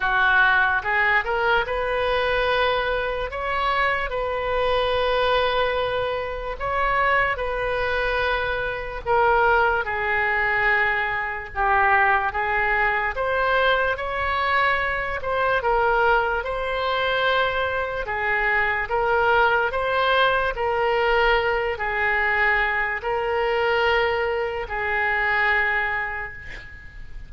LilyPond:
\new Staff \with { instrumentName = "oboe" } { \time 4/4 \tempo 4 = 73 fis'4 gis'8 ais'8 b'2 | cis''4 b'2. | cis''4 b'2 ais'4 | gis'2 g'4 gis'4 |
c''4 cis''4. c''8 ais'4 | c''2 gis'4 ais'4 | c''4 ais'4. gis'4. | ais'2 gis'2 | }